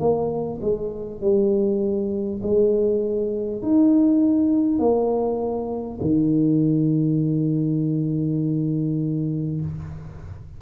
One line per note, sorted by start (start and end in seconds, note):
0.00 0.60 A#3
0.62 1.22 G#3
1.22 2.42 G3
2.43 3.62 G#3
3.62 4.79 D#4
4.79 5.99 A#3
6.02 9.62 D#3